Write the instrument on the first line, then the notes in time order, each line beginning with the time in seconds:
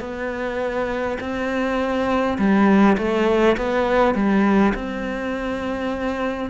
cello
0.00 B3
1.20 C4
2.38 G3
2.98 A3
3.57 B3
4.14 G3
4.74 C4